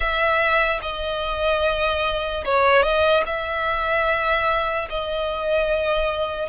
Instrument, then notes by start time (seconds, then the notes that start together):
violin
0.00 E5
0.82 D#5
2.44 C#5
2.82 D#5
3.26 E5
4.89 D#5